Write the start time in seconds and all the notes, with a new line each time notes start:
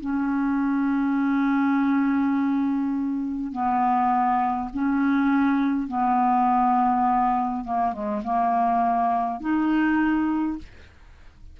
0.00 C#4
3.52 B3
4.73 C#4
5.88 B3
7.64 A#3
7.93 G#3
8.24 A#3
9.40 D#4